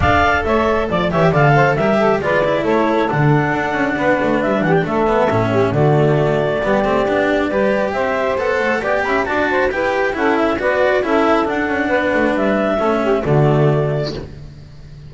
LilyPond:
<<
  \new Staff \with { instrumentName = "clarinet" } { \time 4/4 \tempo 4 = 136 f''4 e''4 d''8 e''8 f''4 | e''4 d''4 cis''4 fis''4~ | fis''2 e''8 fis''16 g''16 e''4~ | e''4 d''2.~ |
d''2 e''4 fis''4 | g''8 b''8 a''4 g''4 fis''8 e''8 | d''4 e''4 fis''2 | e''2 d''2 | }
  \new Staff \with { instrumentName = "saxophone" } { \time 4/4 d''4 cis''4 d''8 cis''8 d''8 c''8 | ais'8 a'8 b'4 a'2~ | a'4 b'4. g'8 a'4~ | a'8 g'8 fis'2 g'4~ |
g'4 b'4 c''2 | d''8 e''8 d''8 c''8 b'4 a'4 | b'4 a'2 b'4~ | b'4 a'8 g'8 fis'2 | }
  \new Staff \with { instrumentName = "cello" } { \time 4/4 a'2~ a'8 g'8 a'4 | g'4 f'8 e'4. d'4~ | d'2.~ d'8 b8 | cis'4 a2 b8 c'8 |
d'4 g'2 a'4 | g'4 fis'4 g'4 e'4 | fis'4 e'4 d'2~ | d'4 cis'4 a2 | }
  \new Staff \with { instrumentName = "double bass" } { \time 4/4 d'4 a4 f8 e8 d4 | g4 gis4 a4 d4 | d'8 cis'8 b8 a8 g8 e8 a4 | a,4 d2 g8 a8 |
b4 g4 c'4 b8 a8 | b8 cis'8 d'4 e'4 cis'4 | b4 cis'4 d'8 cis'8 b8 a8 | g4 a4 d2 | }
>>